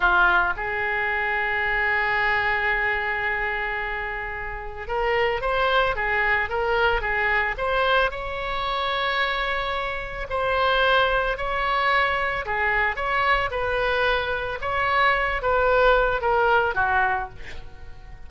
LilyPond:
\new Staff \with { instrumentName = "oboe" } { \time 4/4 \tempo 4 = 111 f'4 gis'2.~ | gis'1~ | gis'4 ais'4 c''4 gis'4 | ais'4 gis'4 c''4 cis''4~ |
cis''2. c''4~ | c''4 cis''2 gis'4 | cis''4 b'2 cis''4~ | cis''8 b'4. ais'4 fis'4 | }